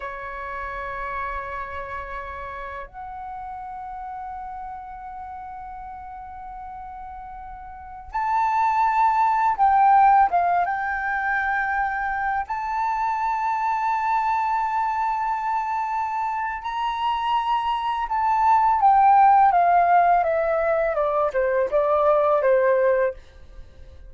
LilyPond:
\new Staff \with { instrumentName = "flute" } { \time 4/4 \tempo 4 = 83 cis''1 | fis''1~ | fis''2.~ fis''16 a''8.~ | a''4~ a''16 g''4 f''8 g''4~ g''16~ |
g''4~ g''16 a''2~ a''8.~ | a''2. ais''4~ | ais''4 a''4 g''4 f''4 | e''4 d''8 c''8 d''4 c''4 | }